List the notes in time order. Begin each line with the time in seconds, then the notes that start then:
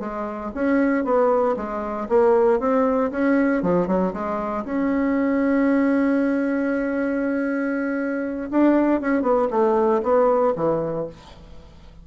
0.00 G#3
0.54 C#4
1.05 B3
1.57 G#3
2.09 A#3
2.60 C4
3.11 C#4
3.62 F3
3.87 F#3
4.13 G#3
4.65 C#4
8.51 D4
9.01 C#4
9.22 B3
9.51 A3
10.03 B3
10.56 E3